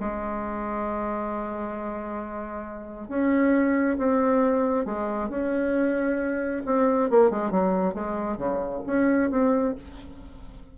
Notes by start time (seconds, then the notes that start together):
0.00 G#3
3.08 C#4
3.98 C4
4.85 G#3
5.29 C#4
6.66 C4
7.10 A#3
7.31 G#3
7.51 F#3
7.94 G#3
8.37 C#3
8.86 C#4
9.30 C4